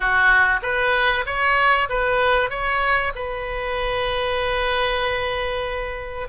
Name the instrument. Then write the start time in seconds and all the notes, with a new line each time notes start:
oboe
0.00 F#4
0.62 B4
1.26 C#5
1.89 B4
2.50 C#5
3.15 B4